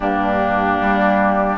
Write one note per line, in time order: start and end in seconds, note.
0.00 0.79 G2
0.00 1.58 A#3
0.00 1.58 D4
0.00 1.58 G4
0.81 1.58 G3